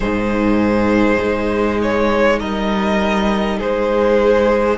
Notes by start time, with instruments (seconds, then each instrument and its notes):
0.00 cello G#2, viola D#4, violin G#4 C5
1.23 cello G#3
1.82 violin C#5
2.39 cello G3, violin A#4 D#5
3.58 cello G#3, violin G#4 C5